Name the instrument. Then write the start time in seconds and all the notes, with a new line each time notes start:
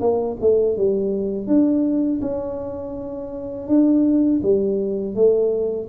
tuba
0.00 A#3
0.41 A3
0.77 G3
1.47 D4
2.21 C#4
3.67 D4
4.43 G3
5.15 A3